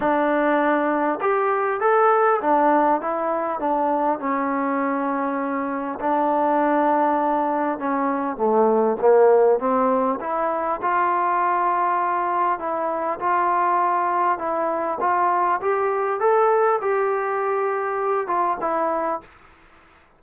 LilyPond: \new Staff \with { instrumentName = "trombone" } { \time 4/4 \tempo 4 = 100 d'2 g'4 a'4 | d'4 e'4 d'4 cis'4~ | cis'2 d'2~ | d'4 cis'4 a4 ais4 |
c'4 e'4 f'2~ | f'4 e'4 f'2 | e'4 f'4 g'4 a'4 | g'2~ g'8 f'8 e'4 | }